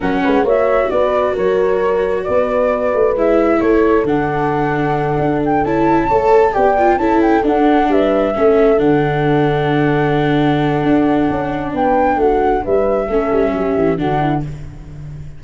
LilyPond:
<<
  \new Staff \with { instrumentName = "flute" } { \time 4/4 \tempo 4 = 133 fis''4 e''4 d''4 cis''4~ | cis''4 d''2 e''4 | cis''4 fis''2. | g''8 a''2 g''4 a''8 |
g''8 fis''4 e''2 fis''8~ | fis''1~ | fis''2 g''4 fis''4 | e''2. fis''4 | }
  \new Staff \with { instrumentName = "horn" } { \time 4/4 ais'8 b'8 cis''4 b'4 ais'4~ | ais'4 b'2. | a'1~ | a'4. cis''4 d''4 a'8~ |
a'4. b'4 a'4.~ | a'1~ | a'2 b'4 fis'4 | b'4 a'4 g'4 fis'8 e'8 | }
  \new Staff \with { instrumentName = "viola" } { \time 4/4 cis'4 fis'2.~ | fis'2. e'4~ | e'4 d'2.~ | d'8 e'4 a'4 g'8 f'8 e'8~ |
e'8 d'2 cis'4 d'8~ | d'1~ | d'1~ | d'4 cis'2 d'4 | }
  \new Staff \with { instrumentName = "tuba" } { \time 4/4 fis8 gis8 ais4 b4 fis4~ | fis4 b4. a8 gis4 | a4 d2~ d8 d'8~ | d'8 cis'4 a4 b4 cis'8~ |
cis'8 d'4 g4 a4 d8~ | d1 | d'4 cis'4 b4 a4 | g4 a8 g8 fis8 e8 d4 | }
>>